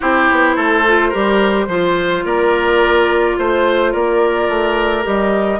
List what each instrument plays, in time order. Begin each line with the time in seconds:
0.00 bassoon C4, clarinet E4, oboe G4, flute C5
0.31 bassoon B3
0.56 bassoon A3, oboe A4
0.87 clarinet F4
1.09 bassoon G3, clarinet G4, oboe A#4
1.67 bassoon F3, clarinet F4, oboe C5
2.24 bassoon A#3, oboe A#4, flute D5
3.38 bassoon A3, flute C5, oboe C5
3.91 bassoon A#3, oboe A#4, flute D5
4.48 bassoon A3
5.03 bassoon G3, clarinet G4, flute D#5